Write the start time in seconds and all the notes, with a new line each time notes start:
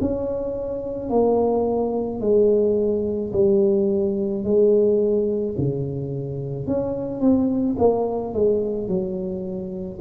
0.00 C#4
1.10 A#3
2.20 G#3
3.32 G3
4.44 G#3
5.58 C#3
6.66 C#4
7.20 C4
7.78 A#3
8.33 G#3
8.88 F#3